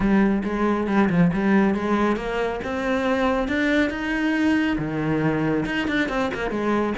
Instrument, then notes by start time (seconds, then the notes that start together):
cello
0.00 G3
0.43 G#3
0.87 G3
1.09 F3
1.33 G3
1.74 G#3
2.16 A#3
2.63 C4
3.48 D4
3.89 D#4
4.77 D#3
5.65 D#4
5.87 D4
6.08 C4
6.33 A#3
6.50 G#3